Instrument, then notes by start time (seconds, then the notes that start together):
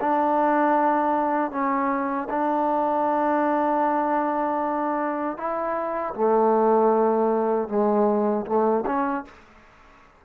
trombone
0.00 D4
1.51 C#4
2.29 D4
5.37 E4
6.14 A3
7.68 G#3
8.45 A3
8.86 C#4